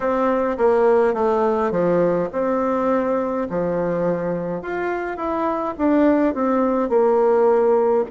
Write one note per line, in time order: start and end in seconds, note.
0.00 0.57 C4
0.57 1.14 A#3
1.14 1.71 A3
1.71 2.29 F3
2.32 3.47 C4
3.49 4.62 F3
4.62 5.16 F4
5.16 5.74 E4
5.77 6.34 D4
6.34 6.89 C4
6.89 8.05 A#3